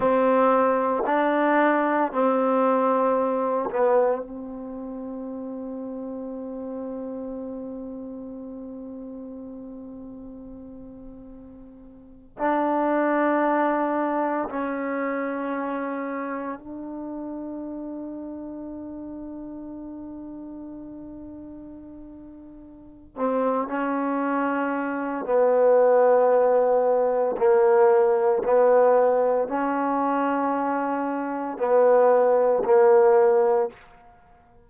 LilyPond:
\new Staff \with { instrumentName = "trombone" } { \time 4/4 \tempo 4 = 57 c'4 d'4 c'4. b8 | c'1~ | c'2.~ c'8. d'16~ | d'4.~ d'16 cis'2 d'16~ |
d'1~ | d'2 c'8 cis'4. | b2 ais4 b4 | cis'2 b4 ais4 | }